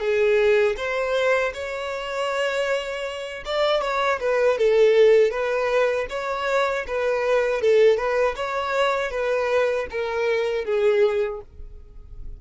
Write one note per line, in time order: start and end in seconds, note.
0.00 0.76 G#4
0.77 1.53 C5
1.53 3.43 C#5
3.45 3.81 D5
3.81 4.19 C#5
4.20 4.58 B4
4.58 5.31 A4
5.31 6.07 B4
6.09 6.85 C#5
6.87 7.61 B4
7.61 7.97 A4
7.97 8.35 B4
8.36 9.11 C#5
9.11 9.87 B4
9.90 10.65 A#4
10.65 11.41 G#4